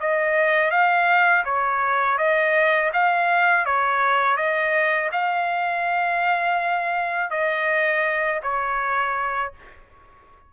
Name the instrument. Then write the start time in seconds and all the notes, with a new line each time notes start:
trumpet
0.00 D#5
0.71 F5
1.44 C#5
2.18 D#5
2.93 F5
3.65 C#5
4.37 D#5
5.12 F5
7.30 D#5
8.43 C#5